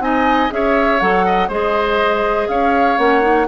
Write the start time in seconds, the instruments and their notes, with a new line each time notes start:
0.00 bassoon C4, clarinet D#4, oboe D#5, flute G#5
0.50 bassoon C#4, clarinet G#4, oboe C#5, flute E5
1.00 bassoon F#3, clarinet A4, flute F#5
1.26 oboe D#5
1.48 bassoon G#3, clarinet G#4, oboe C5, flute D#5
2.48 bassoon C#4, oboe C#5, flute F5
2.98 bassoon A#3, clarinet C#4, flute F#5
3.21 clarinet D#4